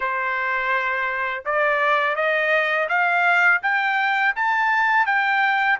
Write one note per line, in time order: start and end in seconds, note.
0.00 1.44 C5
1.45 2.15 D5
2.15 2.88 D#5
2.88 3.61 F5
3.62 4.34 G5
4.35 5.06 A5
5.06 5.78 G5